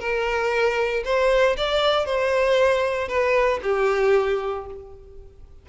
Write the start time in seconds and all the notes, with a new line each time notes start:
0.00 A#4
1.05 C5
1.57 D5
2.05 C5
3.08 B4
3.63 G4